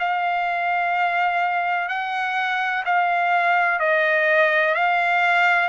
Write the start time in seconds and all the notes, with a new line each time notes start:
0.00 F5
1.89 F#5
2.86 F5
3.80 D#5
4.75 F5